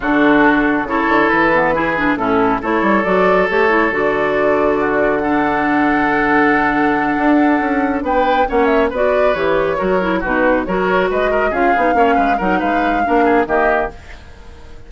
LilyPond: <<
  \new Staff \with { instrumentName = "flute" } { \time 4/4 \tempo 4 = 138 a'2 cis''4 b'4~ | b'4 a'4 cis''4 d''4 | cis''4 d''2. | fis''1~ |
fis''2~ fis''8 g''4 fis''8 | e''8 d''4 cis''2 b'8~ | b'8 cis''4 dis''4 f''4.~ | f''8 fis''8 f''2 dis''4 | }
  \new Staff \with { instrumentName = "oboe" } { \time 4/4 fis'2 a'2 | gis'4 e'4 a'2~ | a'2. fis'4 | a'1~ |
a'2~ a'8 b'4 cis''8~ | cis''8 b'2 ais'4 fis'8~ | fis'8 ais'4 b'8 ais'8 gis'4 cis''8 | b'8 ais'8 b'4 ais'8 gis'8 g'4 | }
  \new Staff \with { instrumentName = "clarinet" } { \time 4/4 d'2 e'4. b8 | e'8 d'8 cis'4 e'4 fis'4 | g'8 e'8 fis'2. | d'1~ |
d'2.~ d'8 cis'8~ | cis'8 fis'4 g'4 fis'8 e'8 dis'8~ | dis'8 fis'2 f'8 dis'8 cis'8~ | cis'8 dis'4. d'4 ais4 | }
  \new Staff \with { instrumentName = "bassoon" } { \time 4/4 d2 cis8 d8 e4~ | e4 a,4 a8 g8 fis4 | a4 d2.~ | d1~ |
d8 d'4 cis'4 b4 ais8~ | ais8 b4 e4 fis4 b,8~ | b,8 fis4 gis4 cis'8 b8 ais8 | gis8 fis8 gis4 ais4 dis4 | }
>>